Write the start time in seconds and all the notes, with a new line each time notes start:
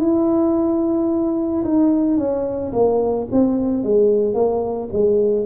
0.00 E4
1.64 D#4
2.18 C#4
2.73 A#3
3.32 C4
3.83 G#3
4.34 A#3
4.93 G#3